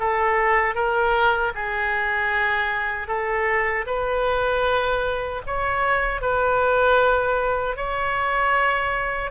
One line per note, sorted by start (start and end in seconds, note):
0.00 0.75 A4
0.75 1.53 A#4
1.55 3.08 G#4
3.08 3.86 A4
3.87 5.43 B4
5.47 6.22 C#5
6.22 7.77 B4
7.77 9.31 C#5